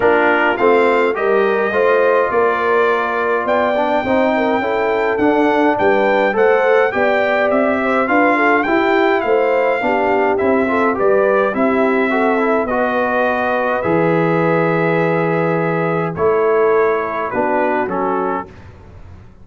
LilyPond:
<<
  \new Staff \with { instrumentName = "trumpet" } { \time 4/4 \tempo 4 = 104 ais'4 f''4 dis''2 | d''2 g''2~ | g''4 fis''4 g''4 fis''4 | g''4 e''4 f''4 g''4 |
f''2 e''4 d''4 | e''2 dis''2 | e''1 | cis''2 b'4 a'4 | }
  \new Staff \with { instrumentName = "horn" } { \time 4/4 f'2 ais'4 c''4 | ais'2 d''4 c''8 ais'8 | a'2 b'4 c''4 | d''4. c''8 b'8 a'8 g'4 |
c''4 g'4. a'8 b'4 | g'4 a'4 b'2~ | b'1 | a'2 fis'2 | }
  \new Staff \with { instrumentName = "trombone" } { \time 4/4 d'4 c'4 g'4 f'4~ | f'2~ f'8 d'8 dis'4 | e'4 d'2 a'4 | g'2 f'4 e'4~ |
e'4 d'4 e'8 f'8 g'4 | e'4 fis'8 e'8 fis'2 | gis'1 | e'2 d'4 cis'4 | }
  \new Staff \with { instrumentName = "tuba" } { \time 4/4 ais4 a4 g4 a4 | ais2 b4 c'4 | cis'4 d'4 g4 a4 | b4 c'4 d'4 e'4 |
a4 b4 c'4 g4 | c'2 b2 | e1 | a2 b4 fis4 | }
>>